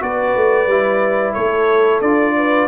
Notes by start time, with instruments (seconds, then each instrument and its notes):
0.00 tuba B3, trombone F#4, horn B4, trumpet D5
0.35 tuba A3
0.67 tuba G3, trombone E4
1.33 tuba A3, horn A4, trumpet C#5
2.01 tuba D4, trombone F4, trumpet D5
2.36 horn B4